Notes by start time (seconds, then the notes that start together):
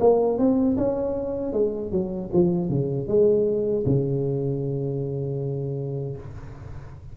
0.00 A#3
0.38 C4
0.77 C#4
1.53 G#3
1.92 F#3
2.33 F3
2.69 C#3
3.07 G#3
3.86 C#3